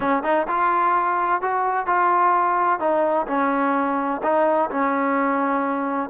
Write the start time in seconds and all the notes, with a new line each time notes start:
0.00 C#4
0.23 D#4
0.47 F4
1.41 F#4
1.86 F4
2.79 D#4
3.27 C#4
4.23 D#4
4.70 C#4